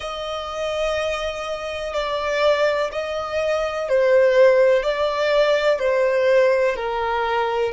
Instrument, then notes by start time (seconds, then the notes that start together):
violin
0.00 D#5
1.94 D5
2.92 D#5
3.88 C5
4.83 D5
5.78 C5
6.75 A#4